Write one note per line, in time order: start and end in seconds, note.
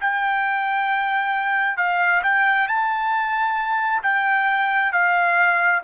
0.00 1.77 G5
1.77 2.22 F5
2.23 2.68 G5
2.68 4.02 A5
4.03 4.92 G5
4.92 5.81 F5